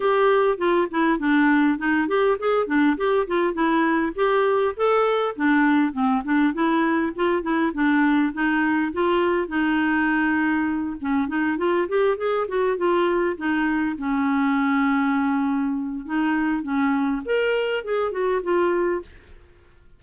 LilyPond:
\new Staff \with { instrumentName = "clarinet" } { \time 4/4 \tempo 4 = 101 g'4 f'8 e'8 d'4 dis'8 g'8 | gis'8 d'8 g'8 f'8 e'4 g'4 | a'4 d'4 c'8 d'8 e'4 | f'8 e'8 d'4 dis'4 f'4 |
dis'2~ dis'8 cis'8 dis'8 f'8 | g'8 gis'8 fis'8 f'4 dis'4 cis'8~ | cis'2. dis'4 | cis'4 ais'4 gis'8 fis'8 f'4 | }